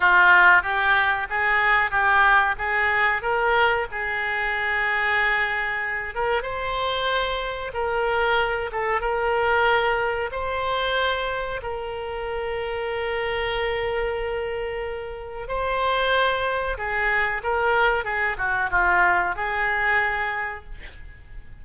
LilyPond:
\new Staff \with { instrumentName = "oboe" } { \time 4/4 \tempo 4 = 93 f'4 g'4 gis'4 g'4 | gis'4 ais'4 gis'2~ | gis'4. ais'8 c''2 | ais'4. a'8 ais'2 |
c''2 ais'2~ | ais'1 | c''2 gis'4 ais'4 | gis'8 fis'8 f'4 gis'2 | }